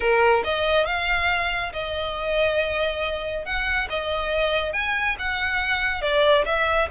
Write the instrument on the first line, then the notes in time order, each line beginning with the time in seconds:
violin
0.00 A#4
0.44 D#5
0.86 F5
1.72 D#5
3.45 F#5
3.89 D#5
4.72 G#5
5.18 F#5
6.01 D5
6.45 E5